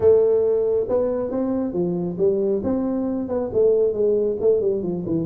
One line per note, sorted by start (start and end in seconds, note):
0.00 0.87 A3
0.88 1.30 B3
1.30 1.73 C4
1.73 2.17 F3
2.18 2.62 G3
2.63 3.28 C4
3.28 3.50 B3
3.53 3.93 A3
3.93 4.36 G#3
4.40 4.60 A3
4.60 4.82 G3
4.83 5.04 F3
5.06 5.26 E3